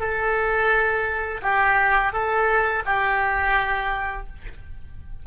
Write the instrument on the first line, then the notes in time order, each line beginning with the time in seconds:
oboe
0.00 A4
1.42 G4
2.12 A4
2.85 G4